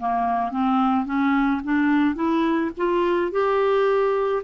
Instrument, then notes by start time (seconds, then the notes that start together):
clarinet
0.00 A#3
0.52 C4
1.06 C#4
1.64 D4
2.16 E4
2.78 F4
3.32 G4